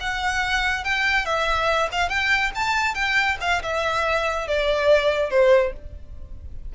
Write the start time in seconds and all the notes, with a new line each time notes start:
0.00 F#5
0.84 G5
1.25 E5
1.92 F5
2.09 G5
2.55 A5
2.94 G5
3.41 F5
3.62 E5
4.47 D5
5.30 C5